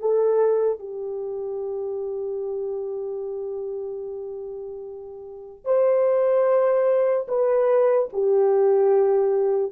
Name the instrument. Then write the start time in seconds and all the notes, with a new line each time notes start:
horn
0.00 A4
0.79 G4
5.65 C5
7.28 B4
8.13 G4